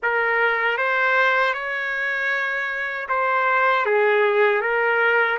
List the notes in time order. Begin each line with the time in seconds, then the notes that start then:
0.02 A#4
0.77 C5
1.53 C#5
3.08 C5
3.85 G#4
4.61 A#4